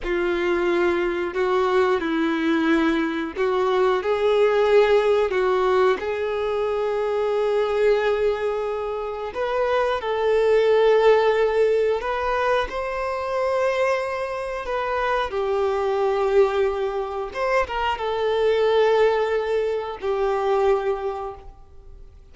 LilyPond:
\new Staff \with { instrumentName = "violin" } { \time 4/4 \tempo 4 = 90 f'2 fis'4 e'4~ | e'4 fis'4 gis'2 | fis'4 gis'2.~ | gis'2 b'4 a'4~ |
a'2 b'4 c''4~ | c''2 b'4 g'4~ | g'2 c''8 ais'8 a'4~ | a'2 g'2 | }